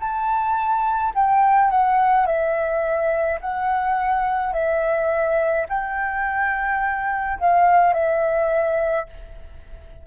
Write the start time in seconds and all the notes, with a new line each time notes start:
0.00 A5
1.15 G5
1.71 F#5
2.26 E5
3.41 F#5
4.53 E5
5.69 G5
7.39 F5
7.93 E5